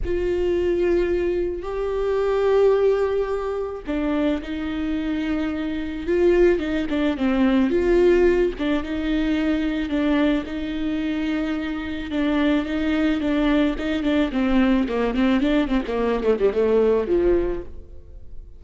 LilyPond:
\new Staff \with { instrumentName = "viola" } { \time 4/4 \tempo 4 = 109 f'2. g'4~ | g'2. d'4 | dis'2. f'4 | dis'8 d'8 c'4 f'4. d'8 |
dis'2 d'4 dis'4~ | dis'2 d'4 dis'4 | d'4 dis'8 d'8 c'4 ais8 c'8 | d'8 c'16 ais8. a16 g16 a4 f4 | }